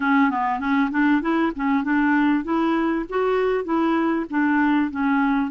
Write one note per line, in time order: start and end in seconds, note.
0.00 0.30 C#4
0.30 0.59 B3
0.59 0.90 C#4
0.90 1.21 D4
1.21 1.52 E4
1.55 1.83 C#4
1.83 2.44 D4
2.44 3.05 E4
3.09 3.64 F#4
3.64 4.25 E4
4.30 4.90 D4
4.90 5.50 C#4